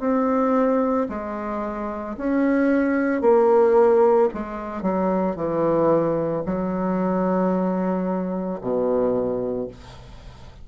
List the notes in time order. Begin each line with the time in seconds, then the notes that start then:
0.00 C4
1.09 G#3
2.18 C#4
3.22 A#3
4.34 G#3
4.82 F#3
5.36 E3
6.46 F#3
8.61 B2